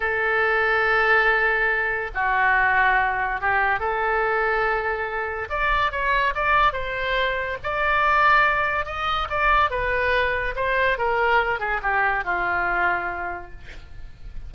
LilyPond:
\new Staff \with { instrumentName = "oboe" } { \time 4/4 \tempo 4 = 142 a'1~ | a'4 fis'2. | g'4 a'2.~ | a'4 d''4 cis''4 d''4 |
c''2 d''2~ | d''4 dis''4 d''4 b'4~ | b'4 c''4 ais'4. gis'8 | g'4 f'2. | }